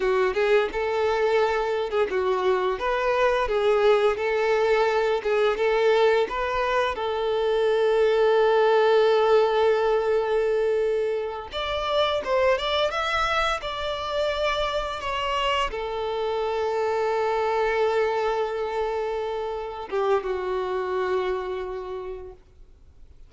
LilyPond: \new Staff \with { instrumentName = "violin" } { \time 4/4 \tempo 4 = 86 fis'8 gis'8 a'4.~ a'16 gis'16 fis'4 | b'4 gis'4 a'4. gis'8 | a'4 b'4 a'2~ | a'1~ |
a'8 d''4 c''8 d''8 e''4 d''8~ | d''4. cis''4 a'4.~ | a'1~ | a'8 g'8 fis'2. | }